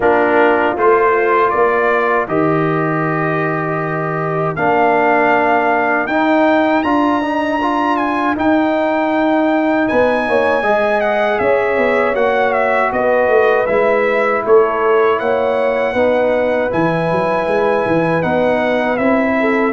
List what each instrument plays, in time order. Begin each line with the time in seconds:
0.00 tuba A#3, trombone D4, horn F4, trumpet A#4
0.76 tuba A3, trombone F4, trumpet C5
1.50 tuba A#3, horn A#4, trumpet D5
2.27 tuba D#3, trombone G4, trumpet D#5
4.55 tuba A#3, trombone D4, trumpet F5
6.06 tuba D#4, trombone D#4, trumpet G5
6.83 tuba D4, trombone F4, trumpet A#5
7.22 trombone D#4
7.61 trombone F4
7.96 trumpet G#5
8.36 tuba D#4, trombone D#4, trumpet G5
9.88 tuba B3, horn B4, trumpet G#5
10.28 tuba A#3, horn C#5
10.62 tuba G#3, trombone G#4, horn D#5
11.00 trumpet F#5
11.38 tuba C#4, horn C#5, trumpet E5
11.77 tuba B3
12.14 tuba A#3, trombone F#4, trumpet F#5
12.52 trumpet E5
12.92 tuba B3, horn B4, trumpet D#5
13.28 tuba A3
13.66 tuba G#3, trombone E4, trumpet E5
14.45 tuba A3, horn A4, trumpet C#5
15.19 tuba A#3, horn C#5, trumpet F#5
15.93 tuba B3, trombone D#4, horn B4
16.70 tuba E3, trombone E4, trumpet G#5
17.11 tuba F#3
17.47 tuba G#3
17.85 tuba E3
18.22 tuba B3, trombone D#4, trumpet F#5
18.97 tuba C4, trombone E4, trumpet E5
19.40 horn A4